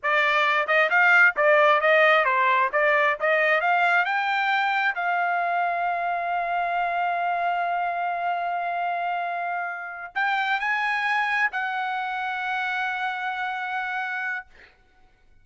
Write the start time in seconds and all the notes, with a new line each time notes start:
0.02 D5
0.67 D#5
0.89 F5
1.36 D5
1.80 D#5
2.24 C5
2.72 D5
3.19 D#5
3.60 F5
4.05 G5
4.95 F5
10.15 G5
10.60 G#5
11.52 F#5